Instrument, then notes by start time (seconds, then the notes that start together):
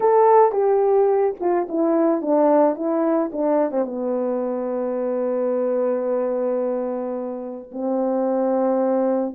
horn
0.00 A4
0.52 G4
1.40 F4
1.68 E4
2.21 D4
2.75 E4
3.32 D4
3.71 C4
3.85 B3
7.71 C4